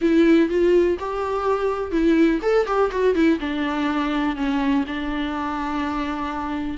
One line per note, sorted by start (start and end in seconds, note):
0.01 0.49 E4
0.49 0.97 F4
0.99 1.91 G4
1.91 2.40 E4
2.42 2.66 A4
2.66 2.90 G4
2.91 3.14 F#4
3.14 3.38 E4
3.40 4.36 D4
4.36 4.84 C#4
4.87 6.77 D4